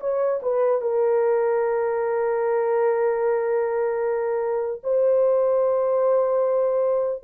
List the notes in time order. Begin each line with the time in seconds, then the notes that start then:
0.00 C#5
0.42 B4
0.81 A#4
4.84 C5